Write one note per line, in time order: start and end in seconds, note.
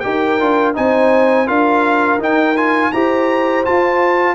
0.00 0.41 D#4
0.00 0.39 G4
0.00 0.77 A#4
0.00 0.72 G5
0.40 0.77 D4
0.40 0.75 F4
0.75 1.49 C4
0.75 1.47 D#4
0.75 1.47 C5
0.75 1.48 G#5
1.47 2.19 D4
1.47 2.19 F4
1.47 2.92 A#4
1.47 2.20 F5
2.19 2.91 D#4
2.19 2.56 D#4
2.19 2.57 G5
2.57 2.93 F4
2.57 2.92 G#5
2.92 3.66 E4
2.92 3.65 G4
2.92 4.36 C5
2.92 3.65 A#5
3.65 4.36 F4
3.65 4.36 A5